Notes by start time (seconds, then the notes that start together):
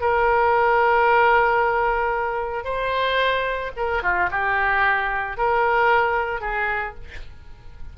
0.00 A#4
2.64 C5
3.76 A#4
4.03 F4
4.31 G4
5.37 A#4
6.40 G#4